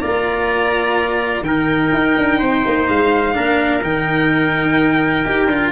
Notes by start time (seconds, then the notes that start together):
0.00 A#3 F4 D5 A#5
1.42 D#3 D#4 A#4 G5
1.93 D#4
2.18 D4
2.39 C4 C5
2.66 A#3
2.89 G#3 F5
3.34 A#3 D4 A#4
3.83 D#3 D#4 G5
5.25 D#4 G4
5.48 D4 F4